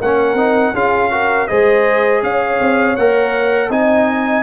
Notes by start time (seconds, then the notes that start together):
0.00 A#3 C#4 A#4 F#5
0.33 C4 D#4
0.73 C#4 F4 G#4 F5
1.11 F#4 A#4
1.47 G#3 G#4 C5 D#5
2.22 C#4 C#5 F5
2.60 C4
2.96 A#3 A#4 F#5
3.69 C4 D#4 D#5 G#5